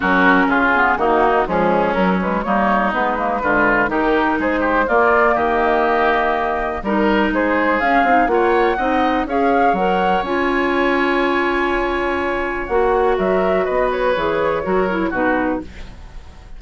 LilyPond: <<
  \new Staff \with { instrumentName = "flute" } { \time 4/4 \tempo 4 = 123 ais'4 gis'4 fis'4 gis'4 | ais'8 b'8 cis''4 b'2 | ais'4 c''4 d''4 dis''4~ | dis''2 ais'4 c''4 |
f''4 fis''2 f''4 | fis''4 gis''2.~ | gis''2 fis''4 e''4 | dis''8 cis''2~ cis''8 b'4 | }
  \new Staff \with { instrumentName = "oboe" } { \time 4/4 fis'4 f'4 dis'4 cis'4~ | cis'4 dis'2 f'4 | g'4 gis'8 g'8 f'4 g'4~ | g'2 ais'4 gis'4~ |
gis'4 cis''4 dis''4 cis''4~ | cis''1~ | cis''2. ais'4 | b'2 ais'4 fis'4 | }
  \new Staff \with { instrumentName = "clarinet" } { \time 4/4 cis'4. b8 ais4 gis4 | fis8 gis8 ais4 b8 ais8 gis4 | dis'2 ais2~ | ais2 dis'2 |
cis'8 dis'8 f'4 dis'4 gis'4 | ais'4 f'2.~ | f'2 fis'2~ | fis'4 gis'4 fis'8 e'8 dis'4 | }
  \new Staff \with { instrumentName = "bassoon" } { \time 4/4 fis4 cis4 dis4 f4 | fis4 g4 gis4 d4 | dis4 gis4 ais4 dis4~ | dis2 g4 gis4 |
cis'8 c'8 ais4 c'4 cis'4 | fis4 cis'2.~ | cis'2 ais4 fis4 | b4 e4 fis4 b,4 | }
>>